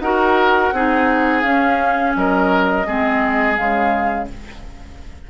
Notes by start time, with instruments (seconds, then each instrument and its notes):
0.00 bassoon D#4, clarinet F#4, oboe A#4, flute F#5
0.72 bassoon C4, clarinet D#4, oboe G#4
1.42 bassoon C#4, clarinet C#4, flute F5
2.16 bassoon F#3, oboe A#4, flute D#5
2.87 bassoon G#3, clarinet C4, oboe G#4
3.56 bassoon C#3, clarinet G#3, flute F5